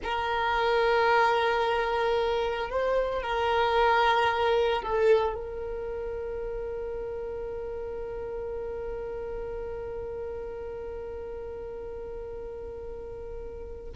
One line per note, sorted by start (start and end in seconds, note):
0.03 2.69 A#4
2.69 3.22 C5
3.22 4.82 A#4
4.82 5.34 A4
5.34 13.91 A#4